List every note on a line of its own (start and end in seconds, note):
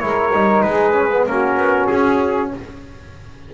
0.00 0.33 G#3
0.00 0.31 E4
0.00 0.66 A#4
0.00 0.62 C#5
0.33 0.64 G3
0.33 0.93 D#4
0.62 1.27 G#3
0.62 1.29 G#4
0.62 1.24 B4
0.93 1.09 C#4
1.12 1.28 B3
1.27 1.58 A#3
1.27 2.53 C#4
1.27 2.54 F#4
1.27 1.87 A#4
1.58 1.89 B3
1.87 2.54 C#4
1.87 2.49 G#4